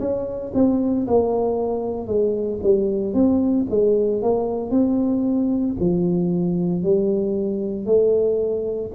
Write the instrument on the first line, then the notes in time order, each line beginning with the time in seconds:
tuba
0.00 C#4
0.55 C4
1.08 A#3
2.08 G#3
2.64 G3
3.14 C4
3.70 G#3
4.23 A#3
4.71 C4
5.80 F3
6.84 G3
7.86 A3